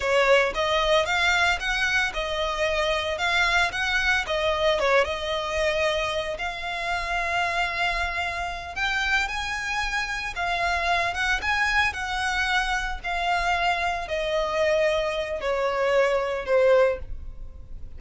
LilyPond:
\new Staff \with { instrumentName = "violin" } { \time 4/4 \tempo 4 = 113 cis''4 dis''4 f''4 fis''4 | dis''2 f''4 fis''4 | dis''4 cis''8 dis''2~ dis''8 | f''1~ |
f''8 g''4 gis''2 f''8~ | f''4 fis''8 gis''4 fis''4.~ | fis''8 f''2 dis''4.~ | dis''4 cis''2 c''4 | }